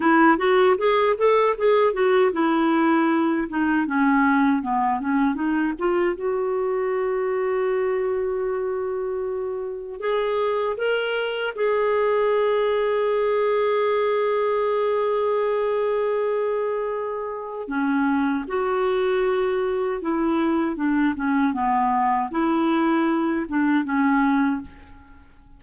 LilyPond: \new Staff \with { instrumentName = "clarinet" } { \time 4/4 \tempo 4 = 78 e'8 fis'8 gis'8 a'8 gis'8 fis'8 e'4~ | e'8 dis'8 cis'4 b8 cis'8 dis'8 f'8 | fis'1~ | fis'4 gis'4 ais'4 gis'4~ |
gis'1~ | gis'2. cis'4 | fis'2 e'4 d'8 cis'8 | b4 e'4. d'8 cis'4 | }